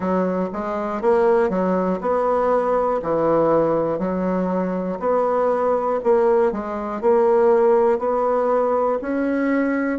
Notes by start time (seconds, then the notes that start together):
0.00 F#3
0.52 G#3
1.01 A#3
1.49 F#3
2.00 B3
3.02 E3
3.98 F#3
5.00 B3
6.03 A#3
6.51 G#3
7.01 A#3
7.99 B3
9.01 C#4